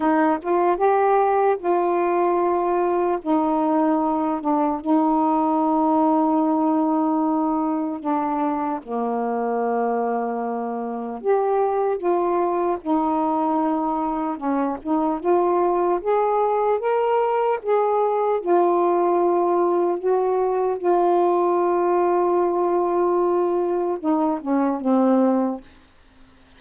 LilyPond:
\new Staff \with { instrumentName = "saxophone" } { \time 4/4 \tempo 4 = 75 dis'8 f'8 g'4 f'2 | dis'4. d'8 dis'2~ | dis'2 d'4 ais4~ | ais2 g'4 f'4 |
dis'2 cis'8 dis'8 f'4 | gis'4 ais'4 gis'4 f'4~ | f'4 fis'4 f'2~ | f'2 dis'8 cis'8 c'4 | }